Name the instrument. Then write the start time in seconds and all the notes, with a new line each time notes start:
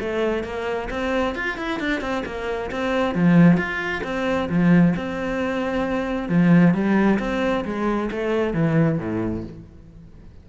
cello
0.00 A3
0.44 A#3
0.90 C4
1.35 F4
1.58 E4
1.80 D4
2.01 C4
2.25 A#3
2.71 C4
3.15 F3
3.57 F4
4.03 C4
4.49 F3
4.96 C4
6.29 F3
6.74 G3
7.19 C4
7.65 G#3
8.11 A3
8.53 E3
8.98 A2